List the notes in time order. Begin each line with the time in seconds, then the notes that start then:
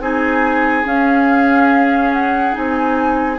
0.00 C4 D#4 G#4 G#5
0.85 C#4 F5
2.13 F#5
2.53 C4 D#4 G#5